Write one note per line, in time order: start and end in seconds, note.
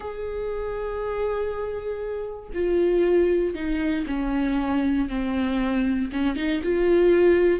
0.00 2.50 G#4
2.54 3.54 F4
3.54 4.05 D#4
4.07 5.08 C#4
5.08 6.10 C4
6.12 6.36 C#4
6.36 6.61 D#4
6.63 7.59 F4